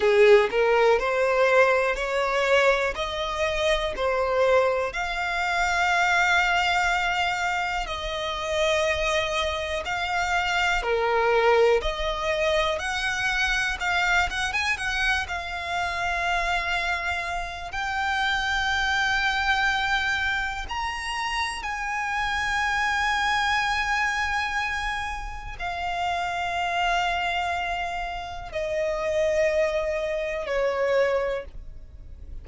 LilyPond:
\new Staff \with { instrumentName = "violin" } { \time 4/4 \tempo 4 = 61 gis'8 ais'8 c''4 cis''4 dis''4 | c''4 f''2. | dis''2 f''4 ais'4 | dis''4 fis''4 f''8 fis''16 gis''16 fis''8 f''8~ |
f''2 g''2~ | g''4 ais''4 gis''2~ | gis''2 f''2~ | f''4 dis''2 cis''4 | }